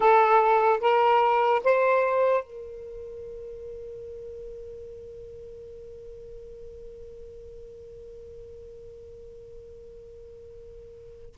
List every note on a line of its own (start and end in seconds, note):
0.00 0.80 A4
0.80 1.61 A#4
1.64 2.43 C5
2.43 11.35 A#4